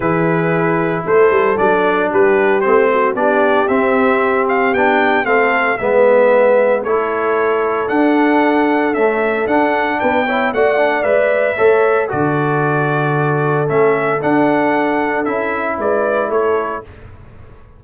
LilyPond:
<<
  \new Staff \with { instrumentName = "trumpet" } { \time 4/4 \tempo 4 = 114 b'2 c''4 d''4 | b'4 c''4 d''4 e''4~ | e''8 f''8 g''4 f''4 e''4~ | e''4 cis''2 fis''4~ |
fis''4 e''4 fis''4 g''4 | fis''4 e''2 d''4~ | d''2 e''4 fis''4~ | fis''4 e''4 d''4 cis''4 | }
  \new Staff \with { instrumentName = "horn" } { \time 4/4 gis'2 a'2 | g'4. fis'8 g'2~ | g'2 a'4 b'4~ | b'4 a'2.~ |
a'2. b'8 cis''8 | d''2 cis''4 a'4~ | a'1~ | a'2 b'4 a'4 | }
  \new Staff \with { instrumentName = "trombone" } { \time 4/4 e'2. d'4~ | d'4 c'4 d'4 c'4~ | c'4 d'4 c'4 b4~ | b4 e'2 d'4~ |
d'4 a4 d'4. e'8 | fis'8 d'8 b'4 a'4 fis'4~ | fis'2 cis'4 d'4~ | d'4 e'2. | }
  \new Staff \with { instrumentName = "tuba" } { \time 4/4 e2 a8 g8 fis4 | g4 a4 b4 c'4~ | c'4 b4 a4 gis4~ | gis4 a2 d'4~ |
d'4 cis'4 d'4 b4 | a4 gis4 a4 d4~ | d2 a4 d'4~ | d'4 cis'4 gis4 a4 | }
>>